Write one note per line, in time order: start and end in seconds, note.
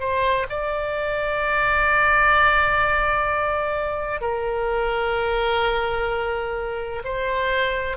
0.00 0.47 C5
0.50 4.21 D5
4.21 7.03 A#4
7.04 7.97 C5